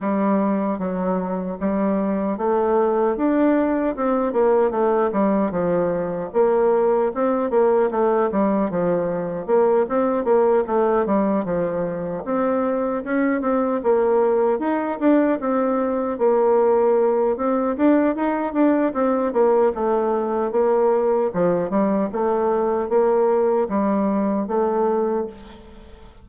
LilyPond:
\new Staff \with { instrumentName = "bassoon" } { \time 4/4 \tempo 4 = 76 g4 fis4 g4 a4 | d'4 c'8 ais8 a8 g8 f4 | ais4 c'8 ais8 a8 g8 f4 | ais8 c'8 ais8 a8 g8 f4 c'8~ |
c'8 cis'8 c'8 ais4 dis'8 d'8 c'8~ | c'8 ais4. c'8 d'8 dis'8 d'8 | c'8 ais8 a4 ais4 f8 g8 | a4 ais4 g4 a4 | }